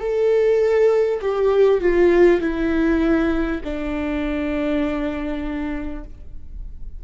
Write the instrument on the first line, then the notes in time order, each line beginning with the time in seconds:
viola
0.00 A4
1.21 G4
1.80 F4
2.40 E4
3.64 D4